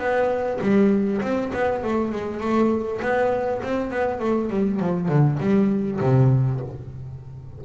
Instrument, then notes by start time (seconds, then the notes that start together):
double bass
0.00 B3
0.62 G3
1.22 C4
1.54 B3
1.84 A3
2.12 G#3
2.41 A3
3.02 B3
3.64 C4
3.91 B3
4.20 A3
4.50 G3
4.80 F3
5.09 D3
5.40 G3
6.01 C3